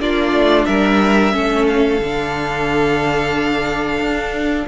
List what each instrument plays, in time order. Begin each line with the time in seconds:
0.00 cello A#3, viola D4, violin F4 D5
0.32 cello A3
0.66 cello G3, violin A#4 E5
1.32 cello A3, viola C#4, violin A4
1.68 violin F5
2.00 cello D3, viola D4
3.99 cello D4